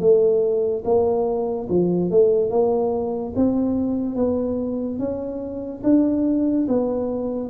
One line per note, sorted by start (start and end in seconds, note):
0.00 0.83 A3
0.85 1.68 A#3
1.69 2.11 F3
2.11 2.50 A3
2.50 3.34 A#3
3.36 4.16 C4
4.16 4.99 B3
4.99 5.82 C#4
5.84 6.67 D4
6.69 7.50 B3